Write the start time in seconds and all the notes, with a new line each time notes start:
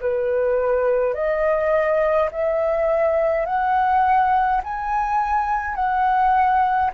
0.00 B4
1.14 D#5
2.31 E5
3.46 F#5
4.64 G#5
5.75 F#5